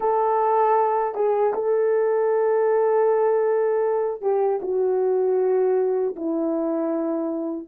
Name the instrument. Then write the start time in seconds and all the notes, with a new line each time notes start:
horn
0.00 A4
1.14 G#4
1.53 A4
4.21 G4
4.62 F#4
6.15 E4